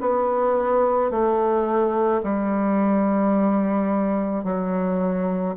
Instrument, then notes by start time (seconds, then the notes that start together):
bassoon
0.00 B3
1.11 A3
2.23 G3
4.44 F#3